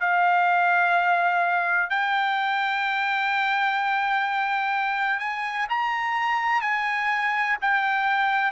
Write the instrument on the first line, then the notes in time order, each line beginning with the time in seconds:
trumpet
0.00 F5
1.90 G5
5.19 G#5
5.69 A#5
6.61 G#5
7.61 G5